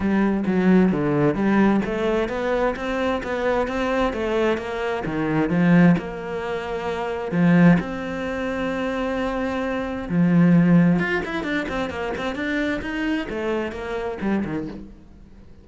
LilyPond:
\new Staff \with { instrumentName = "cello" } { \time 4/4 \tempo 4 = 131 g4 fis4 d4 g4 | a4 b4 c'4 b4 | c'4 a4 ais4 dis4 | f4 ais2. |
f4 c'2.~ | c'2 f2 | f'8 e'8 d'8 c'8 ais8 c'8 d'4 | dis'4 a4 ais4 g8 dis8 | }